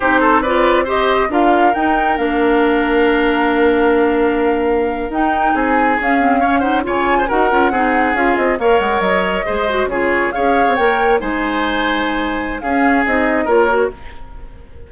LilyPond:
<<
  \new Staff \with { instrumentName = "flute" } { \time 4/4 \tempo 4 = 138 c''4 d''4 dis''4 f''4 | g''4 f''2.~ | f''2.~ f''8. g''16~ | g''8. gis''4 f''4. fis''8 gis''16~ |
gis''8. fis''2 f''8 dis''8 f''16~ | f''16 fis''8 dis''2 cis''4 f''16~ | f''8. g''4 gis''2~ gis''16~ | gis''4 f''4 dis''4 cis''4 | }
  \new Staff \with { instrumentName = "oboe" } { \time 4/4 g'8 a'8 b'4 c''4 ais'4~ | ais'1~ | ais'1~ | ais'8. gis'2 cis''8 c''8 cis''16~ |
cis''8 c''16 ais'4 gis'2 cis''16~ | cis''4.~ cis''16 c''4 gis'4 cis''16~ | cis''4.~ cis''16 c''2~ c''16~ | c''4 gis'2 ais'4 | }
  \new Staff \with { instrumentName = "clarinet" } { \time 4/4 dis'4 f'4 g'4 f'4 | dis'4 d'2.~ | d'2.~ d'8. dis'16~ | dis'4.~ dis'16 cis'8 c'8 cis'8 dis'8 f'16~ |
f'8. fis'8 f'8 dis'4 f'4 ais'16~ | ais'4.~ ais'16 gis'8 fis'8 f'4 gis'16~ | gis'8. ais'4 dis'2~ dis'16~ | dis'4 cis'4 dis'4 f'8 fis'8 | }
  \new Staff \with { instrumentName = "bassoon" } { \time 4/4 c'2. d'4 | dis'4 ais2.~ | ais2.~ ais8. dis'16~ | dis'8. c'4 cis'2 cis16~ |
cis8. dis'8 cis'8 c'4 cis'8 c'8 ais16~ | ais16 gis8 fis4 gis4 cis4 cis'16~ | cis'8 c'16 ais4 gis2~ gis16~ | gis4 cis'4 c'4 ais4 | }
>>